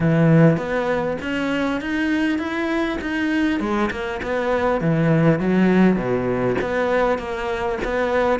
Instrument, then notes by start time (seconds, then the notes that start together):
cello
0.00 E3
0.57 B3
1.21 C#4
1.80 D#4
2.38 E4
3.01 D#4
3.60 G#3
3.90 A#3
4.22 B3
4.81 E3
5.39 F#3
5.96 B2
6.61 B3
7.18 A#3
7.84 B3